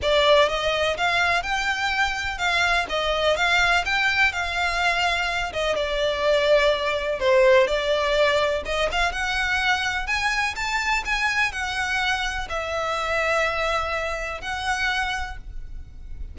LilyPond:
\new Staff \with { instrumentName = "violin" } { \time 4/4 \tempo 4 = 125 d''4 dis''4 f''4 g''4~ | g''4 f''4 dis''4 f''4 | g''4 f''2~ f''8 dis''8 | d''2. c''4 |
d''2 dis''8 f''8 fis''4~ | fis''4 gis''4 a''4 gis''4 | fis''2 e''2~ | e''2 fis''2 | }